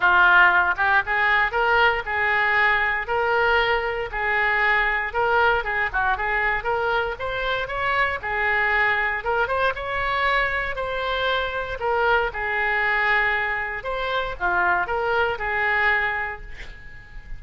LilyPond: \new Staff \with { instrumentName = "oboe" } { \time 4/4 \tempo 4 = 117 f'4. g'8 gis'4 ais'4 | gis'2 ais'2 | gis'2 ais'4 gis'8 fis'8 | gis'4 ais'4 c''4 cis''4 |
gis'2 ais'8 c''8 cis''4~ | cis''4 c''2 ais'4 | gis'2. c''4 | f'4 ais'4 gis'2 | }